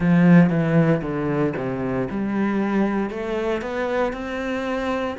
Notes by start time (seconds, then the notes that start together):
0.00 F3
0.49 E3
1.01 D3
1.57 C3
2.10 G3
3.09 A3
3.61 B3
4.12 C4